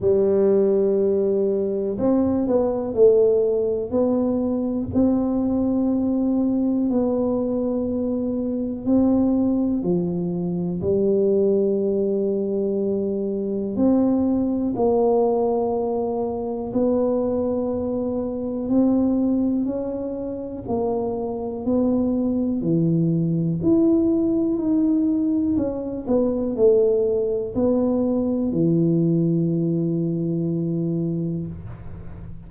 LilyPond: \new Staff \with { instrumentName = "tuba" } { \time 4/4 \tempo 4 = 61 g2 c'8 b8 a4 | b4 c'2 b4~ | b4 c'4 f4 g4~ | g2 c'4 ais4~ |
ais4 b2 c'4 | cis'4 ais4 b4 e4 | e'4 dis'4 cis'8 b8 a4 | b4 e2. | }